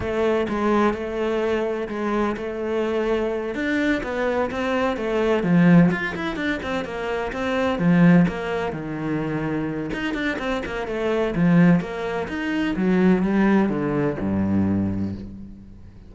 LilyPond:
\new Staff \with { instrumentName = "cello" } { \time 4/4 \tempo 4 = 127 a4 gis4 a2 | gis4 a2~ a8 d'8~ | d'8 b4 c'4 a4 f8~ | f8 f'8 e'8 d'8 c'8 ais4 c'8~ |
c'8 f4 ais4 dis4.~ | dis4 dis'8 d'8 c'8 ais8 a4 | f4 ais4 dis'4 fis4 | g4 d4 g,2 | }